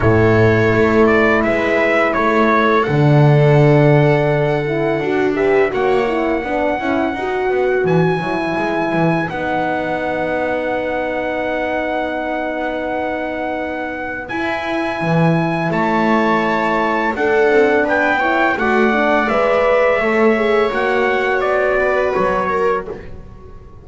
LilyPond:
<<
  \new Staff \with { instrumentName = "trumpet" } { \time 4/4 \tempo 4 = 84 cis''4. d''8 e''4 cis''4 | fis''2.~ fis''8 e''8 | fis''2. gis''4~ | gis''4 fis''2.~ |
fis''1 | gis''2 a''2 | fis''4 g''4 fis''4 e''4~ | e''4 fis''4 d''4 cis''4 | }
  \new Staff \with { instrumentName = "viola" } { \time 4/4 a'2 b'4 a'4~ | a'2.~ a'8 b'8 | cis''4 b'2.~ | b'1~ |
b'1~ | b'2 cis''2 | a'4 b'8 cis''8 d''2 | cis''2~ cis''8 b'4 ais'8 | }
  \new Staff \with { instrumentName = "horn" } { \time 4/4 e'1 | d'2~ d'8 e'8 fis'8 g'8 | fis'8 e'8 d'8 e'8 fis'4. e'8~ | e'4 dis'2.~ |
dis'1 | e'1 | d'4. e'8 fis'8 d'8 b'4 | a'8 gis'8 fis'2. | }
  \new Staff \with { instrumentName = "double bass" } { \time 4/4 a,4 a4 gis4 a4 | d2. d'4 | ais4 b8 cis'8 dis'8 b8 e8 fis8 | gis8 e8 b2.~ |
b1 | e'4 e4 a2 | d'8 c'8 b4 a4 gis4 | a4 ais4 b4 fis4 | }
>>